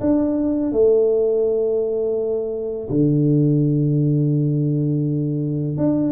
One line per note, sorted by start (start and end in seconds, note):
0.00 0.72 D4
0.72 2.88 A3
2.89 5.77 D3
5.77 6.12 D4